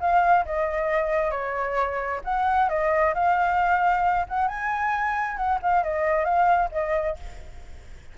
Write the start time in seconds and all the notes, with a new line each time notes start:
0.00 F5
0.45 D#5
1.31 C#5
2.24 F#5
2.69 D#5
3.14 F5
4.28 F#5
4.47 G#5
5.36 F#5
5.62 F5
5.83 D#5
6.24 F5
6.72 D#5